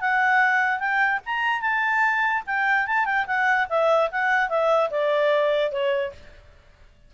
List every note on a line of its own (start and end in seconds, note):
0.00 0.79 F#5
0.79 1.20 G5
1.26 1.61 A#5
1.61 2.42 A5
2.46 2.86 G5
2.86 3.05 A5
3.05 3.25 G5
3.26 3.67 F#5
3.69 4.10 E5
4.11 4.49 F#5
4.49 4.90 E5
4.90 5.71 D5
5.71 6.12 C#5